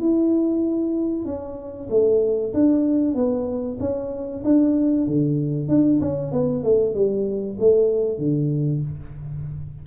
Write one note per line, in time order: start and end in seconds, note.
0.00 1.25 E4
1.25 1.88 C#4
1.90 2.53 A3
2.53 3.15 D4
3.15 3.78 B3
3.80 4.43 C#4
4.44 5.07 D4
5.07 5.68 D3
5.68 6.00 D4
6.01 6.32 C#4
6.32 6.63 B3
6.63 6.94 A3
6.94 7.57 G3
7.60 8.18 A3
8.18 8.81 D3